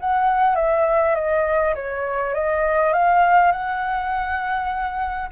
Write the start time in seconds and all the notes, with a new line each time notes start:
0.00 F#5
0.56 E5
1.15 D#5
1.75 C#5
2.34 D#5
2.93 F5
3.52 F#5